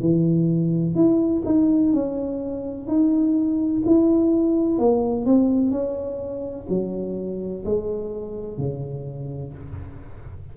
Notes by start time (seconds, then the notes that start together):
0.00 E3
0.95 E4
1.45 D#4
1.93 C#4
2.87 D#4
3.85 E4
4.79 A#3
5.25 C4
5.71 C#4
6.69 F#3
7.65 G#3
8.58 C#3